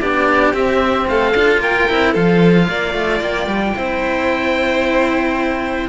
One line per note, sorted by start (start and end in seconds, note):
0.00 0.53 B3
0.00 0.54 D4
0.00 1.08 G4
0.00 0.54 D5
0.53 1.06 C4
0.53 1.35 C4
0.53 1.08 E5
1.08 1.34 A3
1.08 1.61 A4
1.08 1.62 F5
1.34 1.57 D4
1.34 1.89 F4
1.57 1.84 A#3
1.57 2.12 A#4
1.57 2.15 G5
1.89 2.16 C4
1.89 2.16 E4
2.12 2.69 F3
2.12 3.76 F4
2.12 2.66 A4
2.12 3.22 F5
2.69 2.94 A#3
2.69 3.76 D5
2.94 3.20 A3
3.20 3.47 A#3
3.20 5.89 G5
3.47 3.73 G3
3.76 5.89 C4
3.76 5.89 E4
3.76 5.89 C5